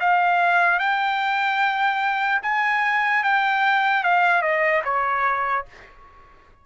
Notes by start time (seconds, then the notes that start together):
0.00 F5
0.79 G5
2.42 G#5
3.23 G5
4.03 F5
4.42 D#5
4.84 C#5